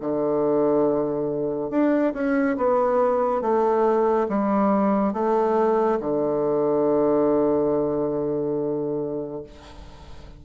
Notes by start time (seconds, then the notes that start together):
0.00 D3
1.70 D4
2.13 C#4
2.57 B3
3.41 A3
4.28 G3
5.13 A3
6.00 D3